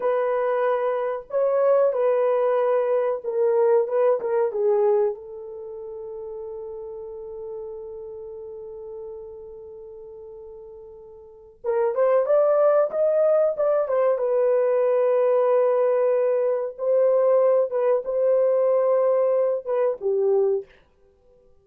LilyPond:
\new Staff \with { instrumentName = "horn" } { \time 4/4 \tempo 4 = 93 b'2 cis''4 b'4~ | b'4 ais'4 b'8 ais'8 gis'4 | a'1~ | a'1~ |
a'2 ais'8 c''8 d''4 | dis''4 d''8 c''8 b'2~ | b'2 c''4. b'8 | c''2~ c''8 b'8 g'4 | }